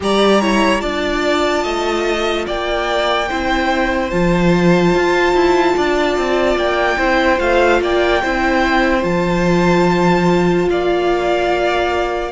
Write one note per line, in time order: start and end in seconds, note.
0.00 0.82 G3
0.00 0.41 G4
0.00 0.41 D5
0.00 0.80 A#5
0.41 0.79 E4
0.41 0.80 C#5
0.79 1.64 D4
0.79 3.26 F4
0.79 1.62 D5
0.79 2.45 A5
1.62 2.46 A3
1.62 2.45 D#5
2.46 3.30 A#3
2.46 3.28 D5
2.46 4.10 G5
3.28 4.12 C4
3.28 4.11 E4
3.28 5.75 C5
4.10 4.94 F3
4.10 6.98 F4
4.10 6.57 A5
4.94 5.33 F4
5.33 5.74 E4
5.76 6.17 D4
5.76 6.97 D5
6.17 6.56 C4
6.56 6.97 A#3
6.56 7.39 G5
6.97 7.39 C4
6.97 7.38 E4
6.97 7.79 C5
7.38 7.81 A3
7.38 8.20 F4
7.38 7.80 F5
7.81 8.22 A#3
7.81 8.21 D5
7.81 9.04 G5
8.21 9.03 C4
8.21 9.02 E4
8.21 10.68 C5
9.02 10.67 F3
9.02 12.30 F4
9.02 10.68 A5
10.69 12.31 A#3
10.69 12.31 D5
10.69 12.31 F5